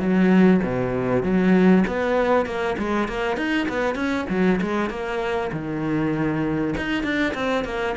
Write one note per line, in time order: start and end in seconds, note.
0.00 0.61 F#3
0.64 1.24 B2
1.24 1.85 F#3
1.88 2.46 B3
2.46 2.77 A#3
2.79 3.09 G#3
3.09 3.37 A#3
3.37 3.68 D#4
3.69 3.96 B3
3.96 4.26 C#4
4.30 4.61 F#3
4.62 4.90 G#3
4.90 5.51 A#3
5.52 6.75 D#3
6.78 7.04 D#4
7.04 7.34 D4
7.34 7.65 C4
7.65 7.96 A#3